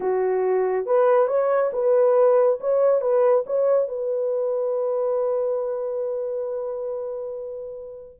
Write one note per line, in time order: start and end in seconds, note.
0.00 0.86 F#4
0.86 1.27 B4
1.27 1.70 C#5
1.73 2.59 B4
2.60 3.01 C#5
3.01 3.44 B4
3.46 3.88 C#5
3.88 8.19 B4